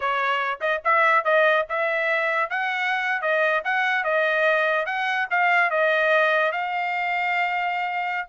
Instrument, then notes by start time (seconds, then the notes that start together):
trumpet
0.00 C#5
0.60 D#5
0.84 E5
1.24 D#5
1.69 E5
2.50 F#5
3.21 D#5
3.64 F#5
4.04 D#5
4.85 F#5
5.30 F5
5.70 D#5
6.52 F5